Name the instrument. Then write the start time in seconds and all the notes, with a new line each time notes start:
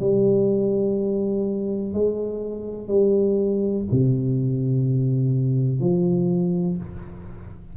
tuba
0.00 G3
1.94 G#3
2.88 G3
3.91 C3
5.81 F3